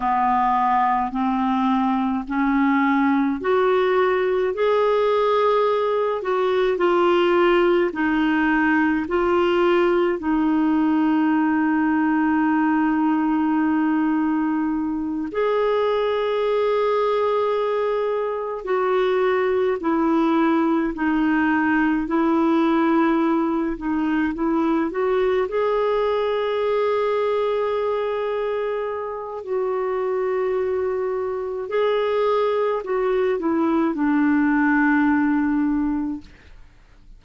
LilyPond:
\new Staff \with { instrumentName = "clarinet" } { \time 4/4 \tempo 4 = 53 b4 c'4 cis'4 fis'4 | gis'4. fis'8 f'4 dis'4 | f'4 dis'2.~ | dis'4. gis'2~ gis'8~ |
gis'8 fis'4 e'4 dis'4 e'8~ | e'4 dis'8 e'8 fis'8 gis'4.~ | gis'2 fis'2 | gis'4 fis'8 e'8 d'2 | }